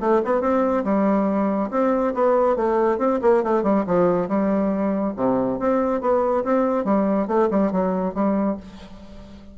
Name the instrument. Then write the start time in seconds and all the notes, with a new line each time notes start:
bassoon
0.00 A3
0.25 B3
0.41 C4
0.84 G3
1.71 C4
2.14 B3
2.56 A3
2.98 C4
3.22 A#3
3.43 A3
3.63 G3
3.87 F3
4.28 G3
5.16 C3
5.59 C4
6.01 B3
6.44 C4
6.84 G3
7.27 A3
7.51 G3
7.72 F#3
8.14 G3